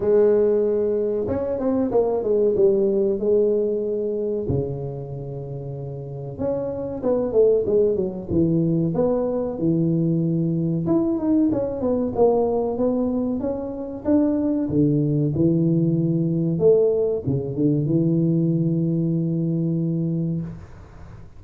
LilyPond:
\new Staff \with { instrumentName = "tuba" } { \time 4/4 \tempo 4 = 94 gis2 cis'8 c'8 ais8 gis8 | g4 gis2 cis4~ | cis2 cis'4 b8 a8 | gis8 fis8 e4 b4 e4~ |
e4 e'8 dis'8 cis'8 b8 ais4 | b4 cis'4 d'4 d4 | e2 a4 cis8 d8 | e1 | }